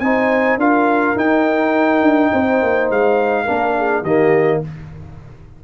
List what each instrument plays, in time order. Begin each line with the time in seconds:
0.00 tuba C4, trombone D#4, horn C5, trumpet G#5
0.57 tuba D4, trombone F4, horn A#4, trumpet F5
1.16 tuba D#4, trombone D#4, trumpet G5
2.02 tuba D4
2.33 tuba C4, horn C5
2.62 tuba A#3
2.90 tuba G#3, trumpet F5
3.45 tuba A#3, trombone D4, horn A#4
3.77 horn G#4
4.02 tuba D#3, trombone A#3, horn G4, trumpet D#5